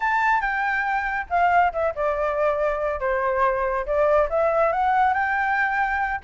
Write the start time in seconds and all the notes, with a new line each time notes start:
0.00 A5
0.40 G5
1.29 F5
1.72 E5
1.95 D5
2.99 C5
3.86 D5
4.29 E5
4.72 F#5
5.13 G5